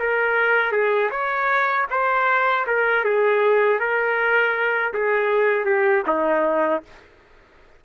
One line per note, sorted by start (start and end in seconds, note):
0.00 0.72 A#4
0.72 1.10 G#4
1.11 1.87 C#5
1.91 2.67 C5
2.67 3.05 A#4
3.05 3.80 G#4
3.80 4.94 A#4
4.94 5.65 G#4
5.65 6.03 G4
6.07 6.83 D#4